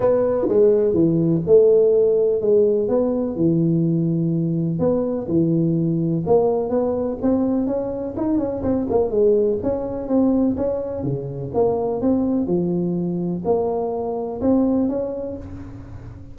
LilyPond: \new Staff \with { instrumentName = "tuba" } { \time 4/4 \tempo 4 = 125 b4 gis4 e4 a4~ | a4 gis4 b4 e4~ | e2 b4 e4~ | e4 ais4 b4 c'4 |
cis'4 dis'8 cis'8 c'8 ais8 gis4 | cis'4 c'4 cis'4 cis4 | ais4 c'4 f2 | ais2 c'4 cis'4 | }